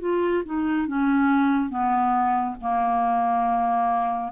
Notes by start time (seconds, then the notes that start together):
0.00 F4
0.45 D#4
0.87 C#4
1.69 B3
2.61 A#3